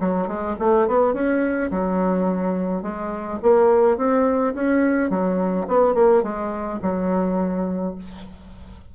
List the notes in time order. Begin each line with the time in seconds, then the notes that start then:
0.00 F#3
0.28 G#3
0.59 A3
0.88 B3
1.14 C#4
1.71 F#3
2.82 G#3
3.42 A#3
3.98 C4
4.54 C#4
5.10 F#3
5.68 B3
5.95 A#3
6.23 G#3
6.82 F#3